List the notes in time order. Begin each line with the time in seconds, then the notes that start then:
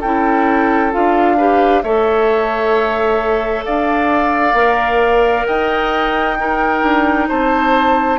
0.00 C#4 E4 A4 G5
0.92 D4 F4 F5
1.37 G4 B4
1.83 A3 A4 C#5 E5
3.65 D4 D5 F5
4.54 A#3 A#4
5.46 D#4 D#5 G5
6.39 D#4 A#4
6.82 D4
7.29 C4 C5 A5